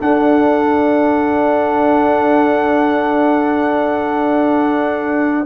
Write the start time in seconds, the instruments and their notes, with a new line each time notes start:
0.00 trombone D4, tuba D4, horn A4, trumpet F#5